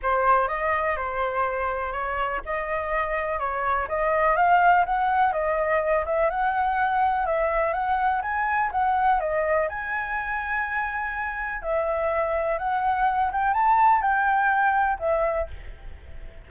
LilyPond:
\new Staff \with { instrumentName = "flute" } { \time 4/4 \tempo 4 = 124 c''4 dis''4 c''2 | cis''4 dis''2 cis''4 | dis''4 f''4 fis''4 dis''4~ | dis''8 e''8 fis''2 e''4 |
fis''4 gis''4 fis''4 dis''4 | gis''1 | e''2 fis''4. g''8 | a''4 g''2 e''4 | }